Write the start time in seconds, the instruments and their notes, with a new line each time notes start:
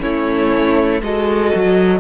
0.00 cello A3, viola C#4, violin E4 C#5
1.02 cello G#3, viola F#4, violin A4 D#5
1.56 cello F#3